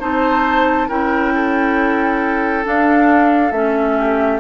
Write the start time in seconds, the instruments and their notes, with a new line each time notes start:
0.00 bassoon C4, clarinet D#4, oboe C5, flute A5
0.88 bassoon C#4, clarinet E4, oboe A#4, flute G5
1.35 oboe A4
2.64 clarinet D4, bassoon D4, flute F5
3.51 bassoon A3, clarinet C#4, flute E5
3.97 oboe G4